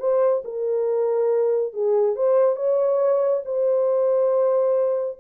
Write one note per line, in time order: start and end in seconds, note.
0.00 0.43 C5
0.45 1.74 A#4
1.74 2.16 G#4
2.16 2.56 C5
2.56 3.43 C#5
3.46 5.18 C5